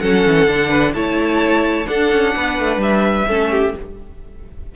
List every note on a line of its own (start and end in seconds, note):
0.00 0.26 F#3
0.00 0.47 C#4
0.00 0.69 A4
0.00 0.93 F#5
0.27 0.47 E3
0.47 0.94 D3
0.47 0.94 D4
0.69 0.92 B4
0.94 1.87 A3
0.94 1.85 E4
0.94 1.88 C#5
0.94 1.87 A5
1.85 3.25 D4
1.85 2.12 D4
1.85 2.35 A4
1.85 2.81 F#5
2.12 2.35 C#4
2.37 2.60 B3
2.37 3.28 B4
2.60 2.77 A3
2.77 3.24 G3
2.77 3.76 E5
3.28 3.75 A3
3.28 3.75 C#4
3.28 3.51 A4
3.51 3.75 G4